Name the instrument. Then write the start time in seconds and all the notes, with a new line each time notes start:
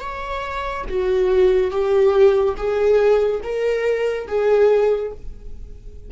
viola
0.00 C#5
0.89 F#4
1.71 G4
2.57 G#4
3.43 A#4
4.27 G#4